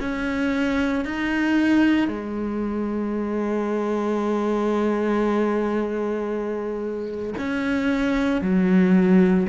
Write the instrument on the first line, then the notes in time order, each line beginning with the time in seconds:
cello
0.00 C#4
1.05 D#4
2.08 G#3
7.38 C#4
8.42 F#3